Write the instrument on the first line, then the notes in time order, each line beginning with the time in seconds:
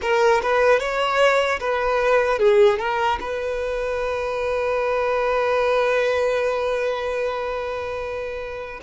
violin
0.01 A#4
0.42 B4
0.79 C#5
1.60 B4
2.39 G#4
2.79 A#4
3.20 B4